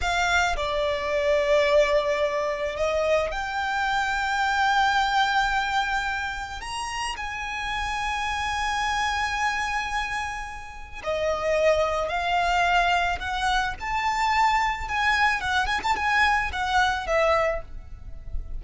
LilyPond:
\new Staff \with { instrumentName = "violin" } { \time 4/4 \tempo 4 = 109 f''4 d''2.~ | d''4 dis''4 g''2~ | g''1 | ais''4 gis''2.~ |
gis''1 | dis''2 f''2 | fis''4 a''2 gis''4 | fis''8 gis''16 a''16 gis''4 fis''4 e''4 | }